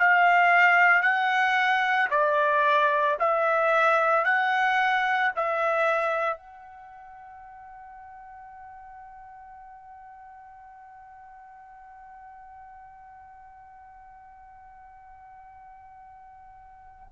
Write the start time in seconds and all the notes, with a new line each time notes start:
0.00 F5
1.02 F#5
2.10 D5
3.20 E5
4.25 F#5
5.36 E5
6.37 F#5